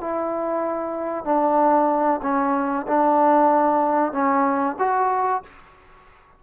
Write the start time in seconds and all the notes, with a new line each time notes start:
0.00 E4
1.24 D4
2.22 C#4
2.87 D4
4.12 C#4
4.78 F#4